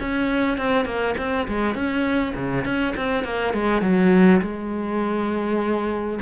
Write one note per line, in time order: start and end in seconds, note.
0.00 0.58 C#4
0.58 0.85 C4
0.85 1.15 A#3
1.17 1.47 C4
1.48 1.75 G#3
1.75 2.34 C#4
2.35 2.65 C#3
2.65 2.94 C#4
2.96 3.24 C4
3.24 3.53 A#3
3.54 3.82 G#3
3.82 4.41 F#3
4.41 6.19 G#3